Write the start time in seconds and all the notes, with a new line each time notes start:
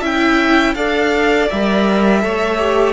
0.00 C#4 E4 E5 G5
0.74 D4 A4 D5 F5
1.49 G3 A#4 E5
2.21 A3 A4 C#5
2.58 G4